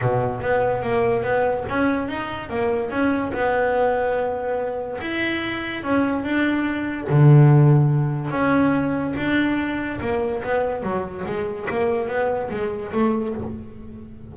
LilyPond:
\new Staff \with { instrumentName = "double bass" } { \time 4/4 \tempo 4 = 144 b,4 b4 ais4 b4 | cis'4 dis'4 ais4 cis'4 | b1 | e'2 cis'4 d'4~ |
d'4 d2. | cis'2 d'2 | ais4 b4 fis4 gis4 | ais4 b4 gis4 a4 | }